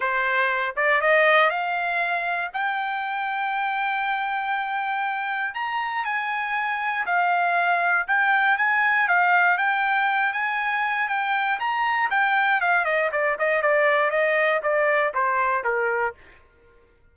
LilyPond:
\new Staff \with { instrumentName = "trumpet" } { \time 4/4 \tempo 4 = 119 c''4. d''8 dis''4 f''4~ | f''4 g''2.~ | g''2. ais''4 | gis''2 f''2 |
g''4 gis''4 f''4 g''4~ | g''8 gis''4. g''4 ais''4 | g''4 f''8 dis''8 d''8 dis''8 d''4 | dis''4 d''4 c''4 ais'4 | }